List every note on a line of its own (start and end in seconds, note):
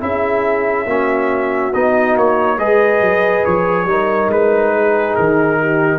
0.00 0.86 C#4
0.00 0.86 E4
0.00 0.87 G#4
0.00 1.73 E5
0.86 1.71 A#3
0.86 1.72 C#4
0.86 2.57 F#4
1.73 2.16 B3
1.73 2.58 D#4
1.73 2.16 D#5
2.16 2.58 A#3
2.16 2.59 C#5
2.57 3.01 G#3
2.57 3.87 G#4
2.57 3.86 B4
2.57 3.44 D#5
3.01 3.44 F#3
3.44 3.84 F3
3.44 4.30 C#5
3.84 4.27 G3
3.84 5.98 D#4
3.84 4.73 A#4
4.28 5.13 G#3
4.28 5.15 B4
4.73 5.59 G#4
5.15 5.98 D#3
5.15 5.98 A#4
5.61 5.98 G4